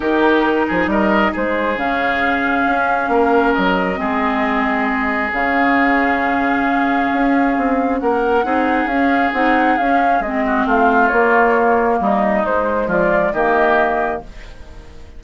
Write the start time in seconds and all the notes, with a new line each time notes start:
0.00 D#3 D#4 G4 A#4
0.67 F3 G#4
0.86 G3 A#4 D#5
1.32 G#3 G#4 C5
1.76 C#3 C#4 F5
2.66 C#4
3.08 A#3 A#4
3.53 F#3 D#5
3.95 G#3 C4 G#4
5.32 C#3 C#4 F5
7.12 C#4
7.57 C4
7.99 A#3 A#4 F#5
8.44 C4 D#4 G#4
8.85 C#4 F5
9.33 C4 D#4 F#5
9.77 C#4 F5
10.20 G#3 C4 D#5
10.45 F#4
10.65 A3 F4 F5
11.08 A#3 C#5
12.00 G3 D#4 D#5
12.45 G#3 C5
12.86 F3 F4 D5
13.32 D#3 A#3 G4 D#5